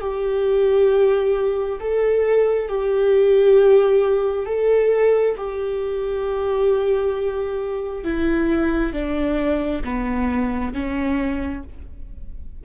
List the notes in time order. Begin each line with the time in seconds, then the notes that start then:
0.00 G4
1.80 A4
2.68 G4
4.46 A4
5.37 G4
8.04 E4
8.93 D4
9.84 B3
10.74 C#4